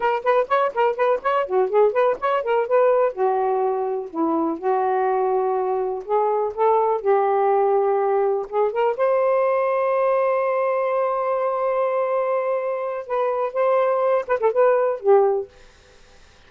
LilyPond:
\new Staff \with { instrumentName = "saxophone" } { \time 4/4 \tempo 4 = 124 ais'8 b'8 cis''8 ais'8 b'8 cis''8 fis'8 gis'8 | b'8 cis''8 ais'8 b'4 fis'4.~ | fis'8 e'4 fis'2~ fis'8~ | fis'8 gis'4 a'4 g'4.~ |
g'4. gis'8 ais'8 c''4.~ | c''1~ | c''2. b'4 | c''4. b'16 a'16 b'4 g'4 | }